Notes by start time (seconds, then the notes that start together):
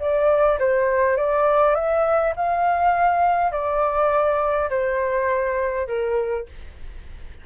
0.00 D5
0.59 C5
1.17 D5
1.75 E5
2.36 F5
3.52 D5
4.70 C5
5.87 A#4